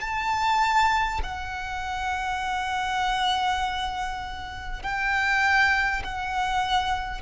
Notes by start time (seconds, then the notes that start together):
0.00 A5
1.23 F#5
4.82 G5
6.03 F#5